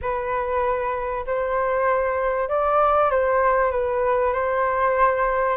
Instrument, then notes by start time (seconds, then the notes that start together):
flute
0.01 B4
1.26 C5
2.49 D5
3.10 C5
3.71 B4
4.33 C5